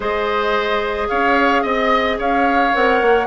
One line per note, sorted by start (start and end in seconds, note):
0.00 1.08 G#3
0.00 2.72 G#4
0.00 1.07 C5
0.00 1.09 D#5
1.09 1.64 C#4
1.09 1.62 C#5
1.09 1.63 F5
1.62 2.18 C4
1.62 2.17 D#5
1.62 2.18 D#5
2.18 2.73 C#4
2.18 3.26 C#5
2.18 2.75 F5
2.73 3.01 C4
2.73 3.26 A#4
2.73 3.26 F#5
3.01 3.26 A#3